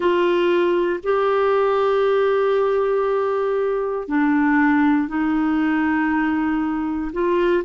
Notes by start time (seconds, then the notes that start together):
0.00 F4
1.03 G4
4.07 D4
5.08 D#4
7.12 F4